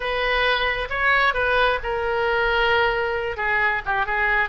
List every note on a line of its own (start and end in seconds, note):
0.00 0.88 B4
0.89 1.34 C#5
1.34 1.79 B4
1.83 3.36 A#4
3.36 3.82 G#4
3.85 4.06 G4
4.06 4.49 G#4